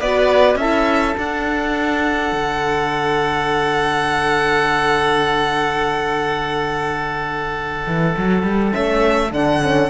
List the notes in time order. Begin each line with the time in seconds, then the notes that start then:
0.00 B3 F#4 B4 D5
0.56 C#4 E4 A4 E5
1.18 D4 F#5
2.33 D3
7.87 E3
8.18 F#3
8.43 G3
8.72 A3 C#4 E5
9.31 D3 D4 F#5
9.62 C#4